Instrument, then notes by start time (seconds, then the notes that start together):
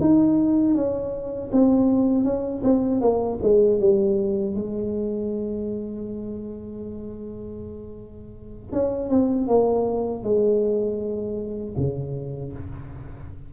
tuba
0.00 D#4
0.74 C#4
1.52 C4
2.24 C#4
2.63 C4
3.00 A#3
3.42 G#3
3.79 G3
4.55 G#3
8.72 C#4
9.09 C4
9.47 A#3
10.23 G#3
11.77 C#3